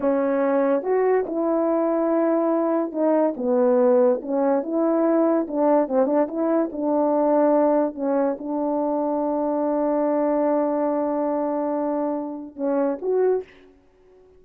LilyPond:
\new Staff \with { instrumentName = "horn" } { \time 4/4 \tempo 4 = 143 cis'2 fis'4 e'4~ | e'2. dis'4 | b2 cis'4 e'4~ | e'4 d'4 c'8 d'8 e'4 |
d'2. cis'4 | d'1~ | d'1~ | d'2 cis'4 fis'4 | }